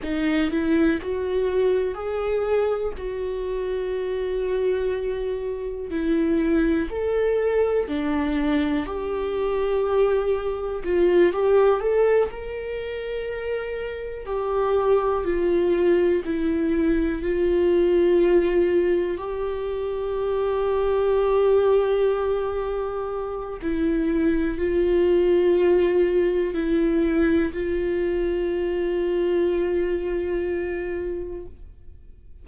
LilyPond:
\new Staff \with { instrumentName = "viola" } { \time 4/4 \tempo 4 = 61 dis'8 e'8 fis'4 gis'4 fis'4~ | fis'2 e'4 a'4 | d'4 g'2 f'8 g'8 | a'8 ais'2 g'4 f'8~ |
f'8 e'4 f'2 g'8~ | g'1 | e'4 f'2 e'4 | f'1 | }